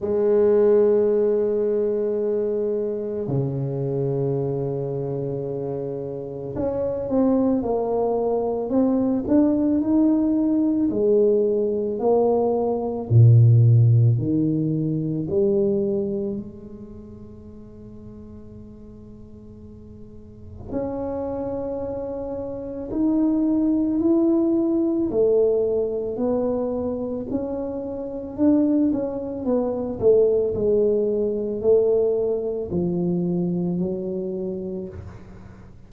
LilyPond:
\new Staff \with { instrumentName = "tuba" } { \time 4/4 \tempo 4 = 55 gis2. cis4~ | cis2 cis'8 c'8 ais4 | c'8 d'8 dis'4 gis4 ais4 | ais,4 dis4 g4 gis4~ |
gis2. cis'4~ | cis'4 dis'4 e'4 a4 | b4 cis'4 d'8 cis'8 b8 a8 | gis4 a4 f4 fis4 | }